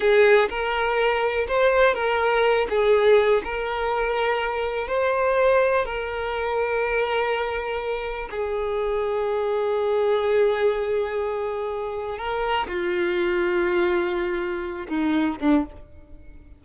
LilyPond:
\new Staff \with { instrumentName = "violin" } { \time 4/4 \tempo 4 = 123 gis'4 ais'2 c''4 | ais'4. gis'4. ais'4~ | ais'2 c''2 | ais'1~ |
ais'4 gis'2.~ | gis'1~ | gis'4 ais'4 f'2~ | f'2~ f'8 dis'4 d'8 | }